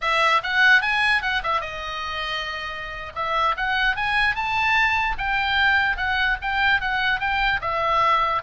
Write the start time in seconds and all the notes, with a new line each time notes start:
0.01 E5
0.43 F#5
0.81 G#5
1.22 F#5
1.43 E5
1.61 D#5
3.15 E5
3.57 F#5
3.96 G#5
4.35 A5
5.17 G5
5.96 F#5
6.41 G5
6.80 F#5
7.19 G5
7.61 E5